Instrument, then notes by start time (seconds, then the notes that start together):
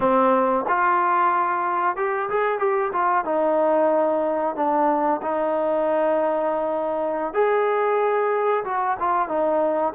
trombone
0.00 C4
0.68 F4
1.96 G4
2.29 G#4
2.58 G4
2.92 F4
3.25 D#4
4.55 D4
5.22 D#4
7.33 G#4
8.64 F#4
8.99 F4
9.28 D#4